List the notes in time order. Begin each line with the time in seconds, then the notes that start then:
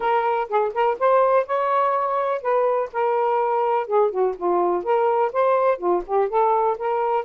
0.00 A#4
0.49 G#4
0.74 A#4
0.99 C5
1.46 C#5
2.41 B4
2.93 A#4
3.86 G#4
4.11 F#4
4.36 F4
4.83 A#4
5.32 C5
5.78 F4
6.06 G4
6.28 A4
6.77 A#4